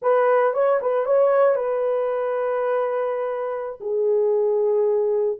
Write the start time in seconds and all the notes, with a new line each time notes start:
0.01 B4
0.53 C#5
0.81 B4
1.05 C#5
1.55 B4
3.80 G#4